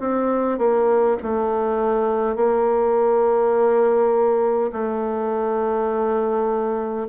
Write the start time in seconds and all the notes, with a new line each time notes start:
0.00 C4
0.58 A#3
1.23 A3
2.36 A#3
4.72 A3